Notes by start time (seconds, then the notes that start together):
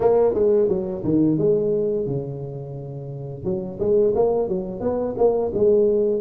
0.00 A#3
0.34 G#3
0.68 F#3
1.04 D#3
1.38 G#3
2.06 C#3
3.44 F#3
3.79 G#3
4.15 A#3
4.48 F#3
4.80 B3
5.17 A#3
5.54 G#3